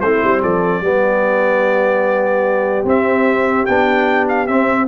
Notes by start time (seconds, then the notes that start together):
0.00 A3 C4 E4 C5
0.23 G3
0.41 F3 A4 D5
0.80 G3 B3 G4
2.83 C4 E5
3.65 B3 D4 G5
4.28 F5
4.46 C4 E5